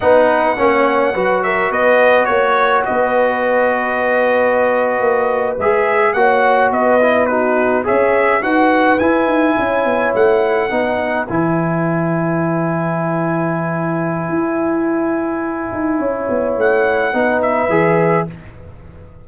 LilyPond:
<<
  \new Staff \with { instrumentName = "trumpet" } { \time 4/4 \tempo 4 = 105 fis''2~ fis''8 e''8 dis''4 | cis''4 dis''2.~ | dis''4.~ dis''16 e''4 fis''4 dis''16~ | dis''8. b'4 e''4 fis''4 gis''16~ |
gis''4.~ gis''16 fis''2 gis''16~ | gis''1~ | gis''1~ | gis''4 fis''4. e''4. | }
  \new Staff \with { instrumentName = "horn" } { \time 4/4 b'4 cis''4 b'8 ais'8 b'4 | cis''4 b'2.~ | b'2~ b'8. cis''4 b'16~ | b'8. fis'4 cis''4 b'4~ b'16~ |
b'8. cis''2 b'4~ b'16~ | b'1~ | b'1 | cis''2 b'2 | }
  \new Staff \with { instrumentName = "trombone" } { \time 4/4 dis'4 cis'4 fis'2~ | fis'1~ | fis'4.~ fis'16 gis'4 fis'4~ fis'16~ | fis'16 e'8 dis'4 gis'4 fis'4 e'16~ |
e'2~ e'8. dis'4 e'16~ | e'1~ | e'1~ | e'2 dis'4 gis'4 | }
  \new Staff \with { instrumentName = "tuba" } { \time 4/4 b4 ais4 fis4 b4 | ais4 b2.~ | b8. ais4 gis4 ais4 b16~ | b4.~ b16 cis'4 dis'4 e'16~ |
e'16 dis'8 cis'8 b8 a4 b4 e16~ | e1~ | e4 e'2~ e'8 dis'8 | cis'8 b8 a4 b4 e4 | }
>>